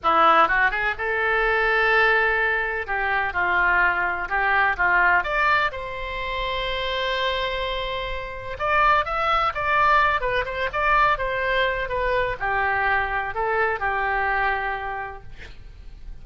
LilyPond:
\new Staff \with { instrumentName = "oboe" } { \time 4/4 \tempo 4 = 126 e'4 fis'8 gis'8 a'2~ | a'2 g'4 f'4~ | f'4 g'4 f'4 d''4 | c''1~ |
c''2 d''4 e''4 | d''4. b'8 c''8 d''4 c''8~ | c''4 b'4 g'2 | a'4 g'2. | }